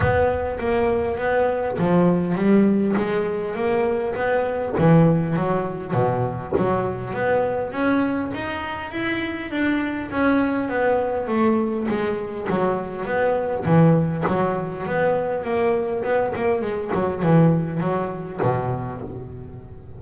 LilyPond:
\new Staff \with { instrumentName = "double bass" } { \time 4/4 \tempo 4 = 101 b4 ais4 b4 f4 | g4 gis4 ais4 b4 | e4 fis4 b,4 fis4 | b4 cis'4 dis'4 e'4 |
d'4 cis'4 b4 a4 | gis4 fis4 b4 e4 | fis4 b4 ais4 b8 ais8 | gis8 fis8 e4 fis4 b,4 | }